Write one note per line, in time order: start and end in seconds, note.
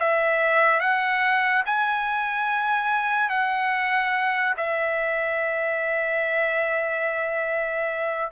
0.00 0.80 E5
0.80 1.64 F#5
1.66 3.30 G#5
3.30 4.55 F#5
4.57 8.32 E5